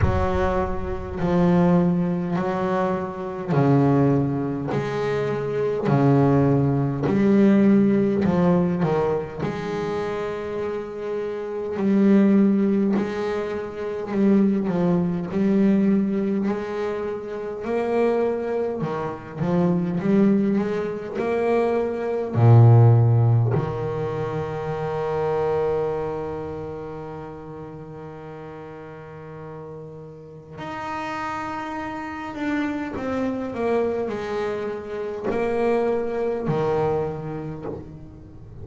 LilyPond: \new Staff \with { instrumentName = "double bass" } { \time 4/4 \tempo 4 = 51 fis4 f4 fis4 cis4 | gis4 cis4 g4 f8 dis8 | gis2 g4 gis4 | g8 f8 g4 gis4 ais4 |
dis8 f8 g8 gis8 ais4 ais,4 | dis1~ | dis2 dis'4. d'8 | c'8 ais8 gis4 ais4 dis4 | }